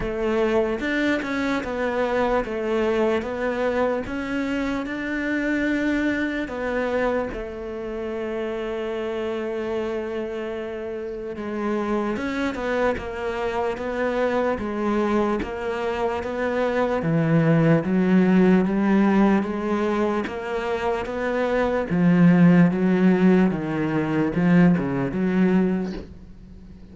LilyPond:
\new Staff \with { instrumentName = "cello" } { \time 4/4 \tempo 4 = 74 a4 d'8 cis'8 b4 a4 | b4 cis'4 d'2 | b4 a2.~ | a2 gis4 cis'8 b8 |
ais4 b4 gis4 ais4 | b4 e4 fis4 g4 | gis4 ais4 b4 f4 | fis4 dis4 f8 cis8 fis4 | }